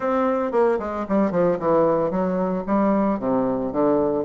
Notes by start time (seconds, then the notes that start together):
0.00 C4
0.51 A#3
0.79 G#3
1.08 G3
1.31 F3
1.59 E3
2.10 F#3
2.66 G3
3.19 C3
3.72 D3